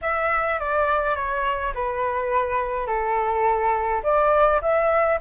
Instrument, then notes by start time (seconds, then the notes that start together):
flute
0.01 E5
0.59 D5
1.15 C#5
1.74 B4
2.86 A4
4.03 D5
4.61 E5